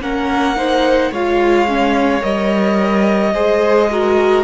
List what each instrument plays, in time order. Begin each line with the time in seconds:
0.00 cello A#3, viola C#4, violin A#4 F#5
0.56 viola D#4, violin C5
1.11 cello G#3, viola F4, violin C#5 F5
1.68 viola C#4
2.21 cello G3, viola A#4, violin D#5
3.34 cello G#3, viola G#4, violin C5
3.91 viola F#4, violin A#4